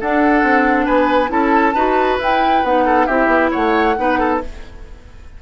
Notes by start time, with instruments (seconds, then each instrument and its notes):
0.00 clarinet D4, bassoon D4, oboe A4, flute F#5
0.42 bassoon C4
0.85 bassoon B3, oboe B4, flute G#5
1.28 bassoon C#4, clarinet E4, oboe A4, flute A5
1.74 bassoon D#4, clarinet F#4, oboe B4
2.18 bassoon E4, clarinet E4, flute G5
2.63 bassoon B3, clarinet D#4, flute F#5
2.85 oboe A4
3.06 bassoon C4, clarinet E4, oboe G4, flute E5
3.26 bassoon B3
3.51 bassoon A3, oboe C#5, flute F#5
3.97 bassoon B3, clarinet D#4, oboe B4
4.19 oboe A4